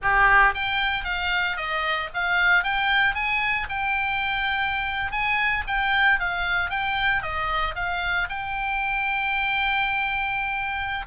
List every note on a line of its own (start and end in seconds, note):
0.01 0.54 G4
0.54 1.04 G5
1.04 1.56 F5
1.56 2.09 D#5
2.13 2.63 F5
2.63 3.14 G5
3.14 3.67 G#5
3.69 5.11 G5
5.11 5.64 G#5
5.67 6.19 G5
6.19 6.70 F5
6.70 7.22 G5
7.22 7.75 D#5
7.75 8.28 F5
8.29 11.05 G5